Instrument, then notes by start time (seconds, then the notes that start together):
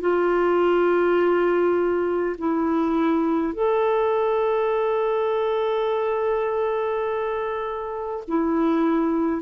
clarinet
0.00 F4
2.38 E4
3.53 A4
8.27 E4